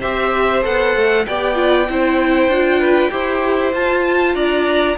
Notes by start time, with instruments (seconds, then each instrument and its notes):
0.00 cello C4, viola G4, violin C5 E5
0.63 cello B3, viola A4, violin F#5
0.96 cello A3
1.26 cello B3, viola G4, violin D5 G5
1.55 viola F4
1.89 cello C4, viola E4, violin C5
2.48 cello D4, viola F4
2.80 violin B4
3.10 cello E4, viola G4, violin C5
3.73 viola F4, cello F4, violin A5
4.35 cello D4, violin D5 A#5